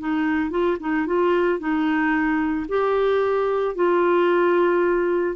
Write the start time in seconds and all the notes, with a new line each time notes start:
0.00 D#4
0.51 F4
0.80 D#4
1.07 F4
1.60 D#4
2.69 G4
3.76 F4